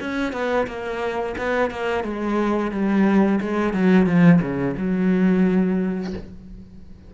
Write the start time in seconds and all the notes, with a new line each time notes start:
0.00 C#4
0.33 B3
0.67 A#3
1.38 B3
1.71 A#3
2.04 G#3
2.72 G3
3.41 G#3
3.73 F#3
4.06 F3
4.41 C#3
4.77 F#3